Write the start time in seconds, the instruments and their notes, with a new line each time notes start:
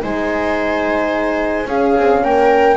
0.00 double bass G#3, horn D#4, viola C5, flute G#5
1.66 double bass C#4, horn C#4, viola G#4, flute F5
1.98 double bass C4
2.23 double bass A#3, viola A#4, flute G5